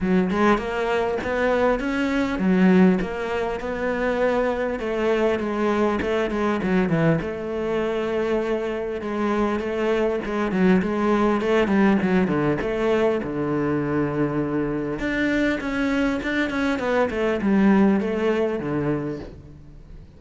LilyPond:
\new Staff \with { instrumentName = "cello" } { \time 4/4 \tempo 4 = 100 fis8 gis8 ais4 b4 cis'4 | fis4 ais4 b2 | a4 gis4 a8 gis8 fis8 e8 | a2. gis4 |
a4 gis8 fis8 gis4 a8 g8 | fis8 d8 a4 d2~ | d4 d'4 cis'4 d'8 cis'8 | b8 a8 g4 a4 d4 | }